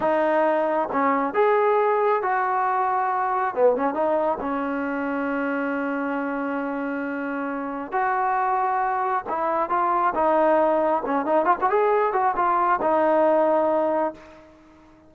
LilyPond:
\new Staff \with { instrumentName = "trombone" } { \time 4/4 \tempo 4 = 136 dis'2 cis'4 gis'4~ | gis'4 fis'2. | b8 cis'8 dis'4 cis'2~ | cis'1~ |
cis'2 fis'2~ | fis'4 e'4 f'4 dis'4~ | dis'4 cis'8 dis'8 f'16 fis'16 gis'4 fis'8 | f'4 dis'2. | }